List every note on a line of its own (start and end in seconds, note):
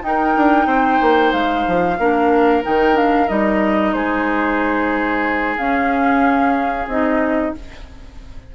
0.00 1.96 D#4
0.00 0.35 D#4
0.00 1.32 G5
0.07 0.67 A#4
0.36 0.66 D4
0.66 0.99 C4
0.66 1.97 C5
1.01 1.33 A#3
1.32 1.65 G#3
1.32 2.63 F5
1.67 1.99 F3
1.99 2.64 A#3
1.99 2.63 D4
1.99 3.95 A#4
2.63 3.29 D#3
2.63 2.93 D#4
2.63 2.97 G5
2.93 3.26 D4
2.93 3.28 F5
3.28 3.94 G3
3.28 5.57 D#4
3.28 3.93 D#5
3.93 5.57 G#3
3.93 7.53 G#4
3.93 5.56 C5
5.57 6.87 C#4
5.57 6.89 C#4
5.57 6.87 F5
6.87 7.52 C4
6.87 7.55 D#4
6.87 7.54 D#5